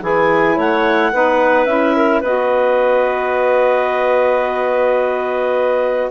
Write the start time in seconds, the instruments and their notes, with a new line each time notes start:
0.00 bassoon E3, saxophone E4, clarinet G#4 G#5
0.56 bassoon A3, clarinet C#5 F#5
1.13 bassoon B3, saxophone D#4, clarinet B4
1.65 bassoon C#4, saxophone E4, clarinet E5
1.96 clarinet A#4
2.21 bassoon B3, saxophone F#4, clarinet B4 D#5